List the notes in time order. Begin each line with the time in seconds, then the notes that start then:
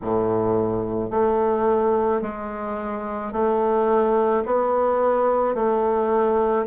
0.01 A2
1.10 A3
2.21 G#3
3.32 A3
4.45 B3
5.55 A3